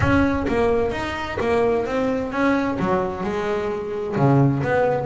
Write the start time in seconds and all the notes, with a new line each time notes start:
0.00 C#4
0.47 A#3
0.91 D#4
1.40 A#3
1.86 C4
2.32 C#4
2.79 F#3
3.23 G#3
4.16 C#3
4.63 B3